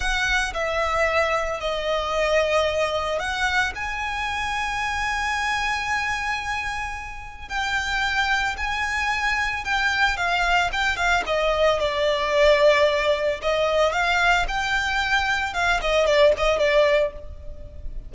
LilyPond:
\new Staff \with { instrumentName = "violin" } { \time 4/4 \tempo 4 = 112 fis''4 e''2 dis''4~ | dis''2 fis''4 gis''4~ | gis''1~ | gis''2 g''2 |
gis''2 g''4 f''4 | g''8 f''8 dis''4 d''2~ | d''4 dis''4 f''4 g''4~ | g''4 f''8 dis''8 d''8 dis''8 d''4 | }